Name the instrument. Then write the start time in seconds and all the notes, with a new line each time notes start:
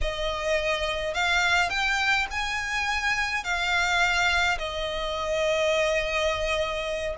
violin
0.01 D#5
1.14 F5
1.69 G5
2.31 G#5
3.43 F5
4.58 D#5